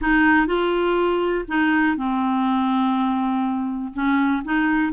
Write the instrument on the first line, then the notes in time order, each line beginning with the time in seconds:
clarinet
0.01 D#4
0.46 F4
1.48 D#4
1.96 C4
3.93 C#4
4.44 D#4